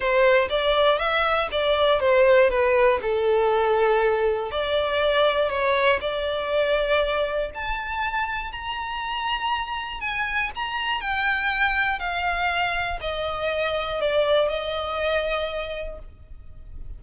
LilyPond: \new Staff \with { instrumentName = "violin" } { \time 4/4 \tempo 4 = 120 c''4 d''4 e''4 d''4 | c''4 b'4 a'2~ | a'4 d''2 cis''4 | d''2. a''4~ |
a''4 ais''2. | gis''4 ais''4 g''2 | f''2 dis''2 | d''4 dis''2. | }